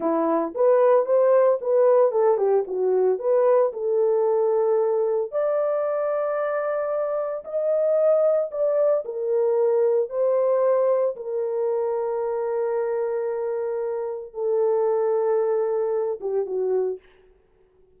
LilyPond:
\new Staff \with { instrumentName = "horn" } { \time 4/4 \tempo 4 = 113 e'4 b'4 c''4 b'4 | a'8 g'8 fis'4 b'4 a'4~ | a'2 d''2~ | d''2 dis''2 |
d''4 ais'2 c''4~ | c''4 ais'2.~ | ais'2. a'4~ | a'2~ a'8 g'8 fis'4 | }